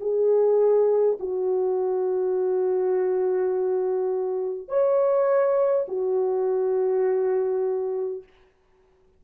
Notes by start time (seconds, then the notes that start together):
0.00 G#4
1.19 F#4
4.68 C#5
5.88 F#4